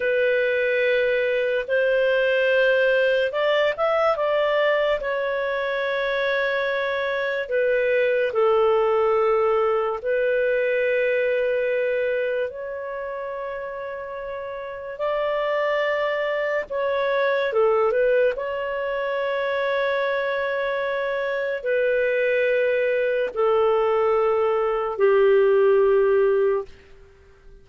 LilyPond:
\new Staff \with { instrumentName = "clarinet" } { \time 4/4 \tempo 4 = 72 b'2 c''2 | d''8 e''8 d''4 cis''2~ | cis''4 b'4 a'2 | b'2. cis''4~ |
cis''2 d''2 | cis''4 a'8 b'8 cis''2~ | cis''2 b'2 | a'2 g'2 | }